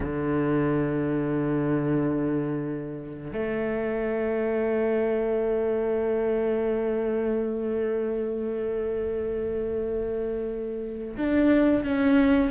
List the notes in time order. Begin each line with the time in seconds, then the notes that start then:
0.00 D3
3.32 A3
11.17 D4
11.83 C#4